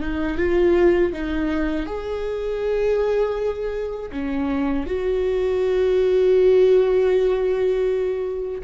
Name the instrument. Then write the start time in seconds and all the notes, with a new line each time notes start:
viola
0.00 D#4
0.38 F4
1.12 D#4
1.85 G#4
4.11 C#4
4.86 F#4